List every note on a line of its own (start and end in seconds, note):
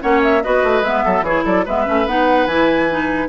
0.00 0.44 A#3
0.00 0.41 C#4
0.00 0.42 C#5
0.00 0.22 F#5
0.22 0.42 E5
0.42 0.63 B3
0.42 0.84 F#4
0.42 1.04 B4
0.42 0.83 D#5
0.63 0.82 A3
0.82 1.02 G#3
0.82 1.25 B3
0.82 1.24 E5
1.04 1.21 F#3
1.04 1.24 A4
1.21 1.42 E3
1.21 1.67 E4
1.21 1.44 G#4
1.21 1.44 C#5
1.44 1.66 F#3
1.44 1.64 A4
1.44 1.65 D5
1.65 1.86 G#3
1.65 1.85 B3
1.65 3.28 B4
1.65 2.07 E5
1.85 2.06 A3
1.85 2.05 C#4
2.06 2.46 B3
2.06 2.48 D#4
2.06 2.47 F#5
2.46 3.27 E3
2.46 2.89 E4
2.46 3.28 G#5
2.89 3.29 D#4